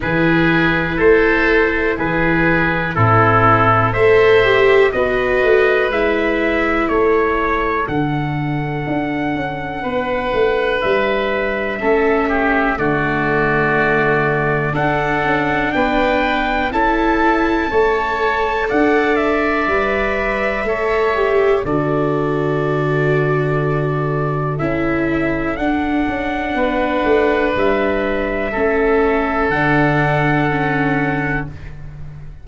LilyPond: <<
  \new Staff \with { instrumentName = "trumpet" } { \time 4/4 \tempo 4 = 61 b'4 c''4 b'4 a'4 | e''4 dis''4 e''4 cis''4 | fis''2. e''4~ | e''4 d''2 fis''4 |
g''4 a''2 fis''8 e''8~ | e''2 d''2~ | d''4 e''4 fis''2 | e''2 fis''2 | }
  \new Staff \with { instrumentName = "oboe" } { \time 4/4 gis'4 a'4 gis'4 e'4 | c''4 b'2 a'4~ | a'2 b'2 | a'8 g'8 fis'2 a'4 |
b'4 a'4 cis''4 d''4~ | d''4 cis''4 a'2~ | a'2. b'4~ | b'4 a'2. | }
  \new Staff \with { instrumentName = "viola" } { \time 4/4 e'2. c'4 | a'8 g'8 fis'4 e'2 | d'1 | cis'4 a2 d'4~ |
d'4 e'4 a'2 | b'4 a'8 g'8 fis'2~ | fis'4 e'4 d'2~ | d'4 cis'4 d'4 cis'4 | }
  \new Staff \with { instrumentName = "tuba" } { \time 4/4 e4 a4 e4 a,4 | a4 b8 a8 gis4 a4 | d4 d'8 cis'8 b8 a8 g4 | a4 d2 d'8 cis'8 |
b4 cis'4 a4 d'4 | g4 a4 d2~ | d4 cis'4 d'8 cis'8 b8 a8 | g4 a4 d2 | }
>>